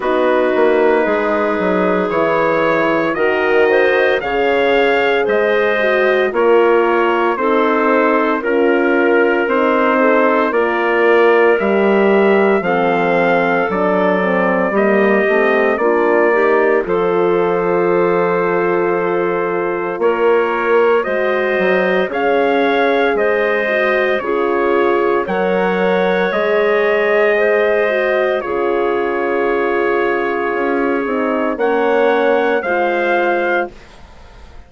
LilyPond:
<<
  \new Staff \with { instrumentName = "trumpet" } { \time 4/4 \tempo 4 = 57 b'2 cis''4 dis''4 | f''4 dis''4 cis''4 c''4 | ais'4 c''4 d''4 e''4 | f''4 d''4 dis''4 d''4 |
c''2. cis''4 | dis''4 f''4 dis''4 cis''4 | fis''4 dis''2 cis''4~ | cis''2 fis''4 f''4 | }
  \new Staff \with { instrumentName = "clarinet" } { \time 4/4 fis'4 gis'2 ais'8 c''8 | cis''4 c''4 ais'4 a'4 | ais'4. a'8 ais'2 | a'2 g'4 f'8 g'8 |
a'2. ais'4 | c''4 cis''4 c''4 gis'4 | cis''2 c''4 gis'4~ | gis'2 cis''4 c''4 | }
  \new Staff \with { instrumentName = "horn" } { \time 4/4 dis'2 e'4 fis'4 | gis'4. fis'8 f'4 dis'4 | f'4 dis'4 f'4 g'4 | c'4 d'8 c'8 ais8 c'8 d'8 dis'8 |
f'1 | fis'4 gis'4. fis'8 f'4 | ais'4 gis'4. fis'8 f'4~ | f'4. dis'8 cis'4 f'4 | }
  \new Staff \with { instrumentName = "bassoon" } { \time 4/4 b8 ais8 gis8 fis8 e4 dis4 | cis4 gis4 ais4 c'4 | cis'4 c'4 ais4 g4 | f4 fis4 g8 a8 ais4 |
f2. ais4 | gis8 fis8 cis'4 gis4 cis4 | fis4 gis2 cis4~ | cis4 cis'8 c'8 ais4 gis4 | }
>>